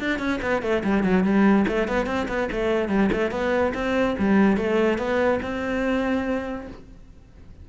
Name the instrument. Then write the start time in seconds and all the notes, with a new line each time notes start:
cello
0.00 D4
0.19 C#4
0.42 B3
0.63 A3
0.84 G3
1.04 F#3
1.24 G3
1.68 A3
1.88 B3
2.07 C4
2.29 B3
2.52 A3
2.89 G3
3.13 A3
3.32 B3
3.75 C4
4.19 G3
4.57 A3
4.98 B3
5.43 C4